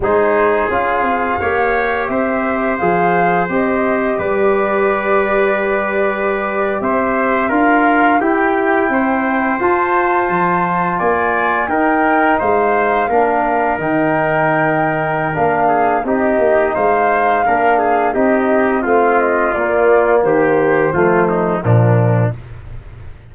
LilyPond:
<<
  \new Staff \with { instrumentName = "flute" } { \time 4/4 \tempo 4 = 86 c''4 f''2 e''4 | f''4 dis''4 d''2~ | d''4.~ d''16 e''4 f''4 g''16~ | g''4.~ g''16 a''2 gis''16~ |
gis''8. g''4 f''2 g''16~ | g''2 f''4 dis''4 | f''2 dis''4 f''8 dis''8 | d''4 c''2 ais'4 | }
  \new Staff \with { instrumentName = "trumpet" } { \time 4/4 gis'2 cis''4 c''4~ | c''2 b'2~ | b'4.~ b'16 c''4 ais'4 g'16~ | g'8. c''2. d''16~ |
d''8. ais'4 c''4 ais'4~ ais'16~ | ais'2~ ais'8 gis'8 g'4 | c''4 ais'8 gis'8 g'4 f'4~ | f'4 g'4 f'8 dis'8 d'4 | }
  \new Staff \with { instrumentName = "trombone" } { \time 4/4 dis'4 f'4 g'2 | gis'4 g'2.~ | g'2~ g'8. f'4 e'16~ | e'4.~ e'16 f'2~ f'16~ |
f'8. dis'2 d'4 dis'16~ | dis'2 d'4 dis'4~ | dis'4 d'4 dis'4 c'4 | ais2 a4 f4 | }
  \new Staff \with { instrumentName = "tuba" } { \time 4/4 gis4 cis'8 c'8 ais4 c'4 | f4 c'4 g2~ | g4.~ g16 c'4 d'4 e'16~ | e'8. c'4 f'4 f4 ais16~ |
ais8. dis'4 gis4 ais4 dis16~ | dis2 ais4 c'8 ais8 | gis4 ais4 c'4 a4 | ais4 dis4 f4 ais,4 | }
>>